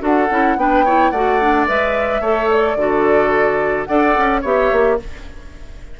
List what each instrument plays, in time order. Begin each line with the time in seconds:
0.00 bassoon D4, clarinet F#4, oboe A4, flute F#5
0.31 bassoon C#4, clarinet E4
0.57 bassoon B3, clarinet D4, oboe B4, flute G5
0.85 clarinet E4, oboe C#5
1.11 bassoon A3, clarinet F#4, oboe D5, flute F#5
1.41 clarinet D4
1.68 bassoon G#3, clarinet B4, flute E5
2.21 bassoon A3, clarinet A4, oboe C#5
2.51 flute D5
2.76 bassoon D3, clarinet F#4, oboe A4
3.85 bassoon D4, clarinet A4, oboe D5, flute F#5
4.17 bassoon C#4
4.42 bassoon B3, clarinet G4, oboe C#5, flute E5
4.72 bassoon A#3